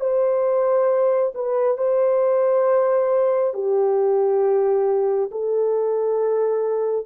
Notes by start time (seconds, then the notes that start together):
0.00 C5
1.34 B4
1.77 C5
3.53 G4
5.31 A4